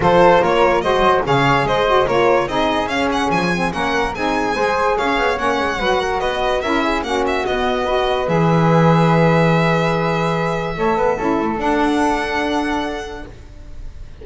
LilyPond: <<
  \new Staff \with { instrumentName = "violin" } { \time 4/4 \tempo 4 = 145 c''4 cis''4 dis''4 f''4 | dis''4 cis''4 dis''4 f''8 fis''8 | gis''4 fis''4 gis''2 | f''4 fis''2 dis''4 |
e''4 fis''8 e''8 dis''2 | e''1~ | e''1 | fis''1 | }
  \new Staff \with { instrumentName = "flute" } { \time 4/4 a'4 ais'4 c''4 cis''4 | c''4 ais'4 gis'2~ | gis'4 ais'4 gis'4 c''4 | cis''2 b'8 ais'8 b'4 |
ais'8 gis'8 fis'2 b'4~ | b'1~ | b'2 cis''8 b'8 a'4~ | a'1 | }
  \new Staff \with { instrumentName = "saxophone" } { \time 4/4 f'2 fis'4 gis'4~ | gis'8 fis'8 f'4 dis'4 cis'4~ | cis'8 c'8 cis'4 dis'4 gis'4~ | gis'4 cis'4 fis'2 |
e'4 cis'4 b4 fis'4 | gis'1~ | gis'2 a'4 e'4 | d'1 | }
  \new Staff \with { instrumentName = "double bass" } { \time 4/4 f4 ais4 gis8 fis8 cis4 | gis4 ais4 c'4 cis'4 | f4 ais4 c'4 gis4 | cis'8 b8 ais8 gis8 fis4 b4 |
cis'4 ais4 b2 | e1~ | e2 a8 b8 cis'8 a8 | d'1 | }
>>